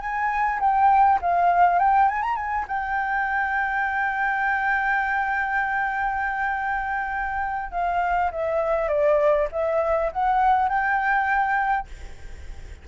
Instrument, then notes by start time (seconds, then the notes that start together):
flute
0.00 G#5
0.59 G5
1.21 F5
1.79 G5
2.08 G#5
2.22 A#5
2.35 G#5
2.67 G5
7.71 F5
8.31 E5
8.88 D5
9.52 E5
10.12 F#5
10.68 G5